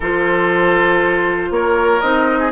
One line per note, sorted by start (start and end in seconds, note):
0.00 1.50 F3
0.00 2.03 F4
0.00 1.49 A4
0.00 1.52 C5
1.50 2.00 A#3
1.50 2.39 A#4
1.50 2.01 C#5
2.01 2.52 C4
2.01 2.52 D#4
2.01 2.51 D#5
2.39 2.51 G#4